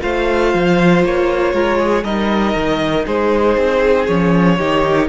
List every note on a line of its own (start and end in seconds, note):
0.00 0.54 A3
0.00 2.03 F4
0.00 1.54 C5
0.00 1.04 F5
0.54 1.04 F3
1.04 1.54 A#3
1.04 2.04 C#5
1.54 2.04 G#3
1.54 1.79 A#4
1.79 2.04 G#4
2.04 2.55 G3
2.04 4.08 D#4
2.04 3.06 A#4
2.04 3.06 D#5
2.55 3.06 D#3
3.06 3.57 G#3
3.06 4.58 G#4
3.06 4.06 C5
3.57 4.08 C4
4.06 4.60 F3
4.06 4.59 C#4
4.06 5.08 C#5
4.58 5.09 D#3
4.58 5.09 D#4
4.58 5.09 G4